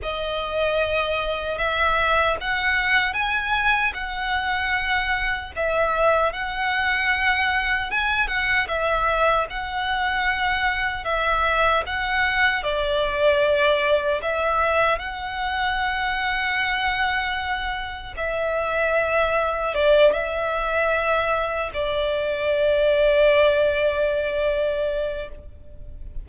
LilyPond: \new Staff \with { instrumentName = "violin" } { \time 4/4 \tempo 4 = 76 dis''2 e''4 fis''4 | gis''4 fis''2 e''4 | fis''2 gis''8 fis''8 e''4 | fis''2 e''4 fis''4 |
d''2 e''4 fis''4~ | fis''2. e''4~ | e''4 d''8 e''2 d''8~ | d''1 | }